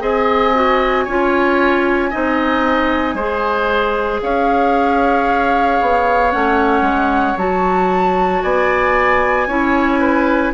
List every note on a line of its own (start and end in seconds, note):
0.00 1.07 C4
0.00 0.53 G#4
0.00 1.05 D#5
0.00 4.22 G#5
0.55 1.07 F#4
1.05 2.13 C#4
1.05 2.11 F4
1.05 2.10 C#5
2.10 3.14 C4
2.10 3.17 D#4
2.10 3.15 D#5
3.14 4.20 G#3
3.14 6.32 G#4
3.14 4.20 C5
4.22 5.80 C#4
4.22 8.43 C#5
4.22 6.31 F5
5.81 6.34 B3
6.31 6.81 A3
6.31 7.37 C#4
6.31 7.37 F#5
6.81 7.34 G#3
7.37 8.43 F#3
7.37 9.48 F#4
7.37 8.42 A5
8.42 9.47 B3
8.42 9.48 D5
8.42 10.53 G#5
9.47 10.52 C#4
9.47 10.54 E4
9.47 9.99 C#5
9.99 10.52 B4